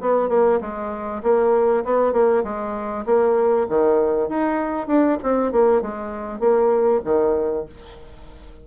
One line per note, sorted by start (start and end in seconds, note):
0.00 0.29 B3
0.29 0.59 A#3
0.60 1.22 G#3
1.22 1.84 A#3
1.84 2.13 B3
2.13 2.43 A#3
2.43 3.04 G#3
3.05 3.67 A#3
3.69 4.29 D#3
4.29 4.87 D#4
4.87 5.17 D4
5.22 5.52 C4
5.52 5.81 A#3
5.81 6.39 G#3
6.39 7.00 A#3
7.04 7.65 D#3